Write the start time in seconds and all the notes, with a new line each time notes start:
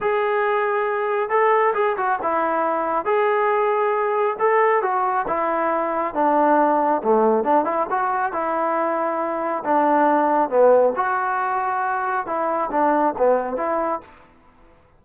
0.00 G#4
1.29 A4
1.74 G#4
1.97 F#4
2.22 E4
3.05 G#4
4.39 A4
4.82 F#4
5.27 E4
6.14 D4
7.03 A3
7.44 D4
7.64 E4
7.90 F#4
8.32 E4
9.64 D4
10.49 B3
10.96 F#4
12.26 E4
12.70 D4
13.17 B3
13.57 E4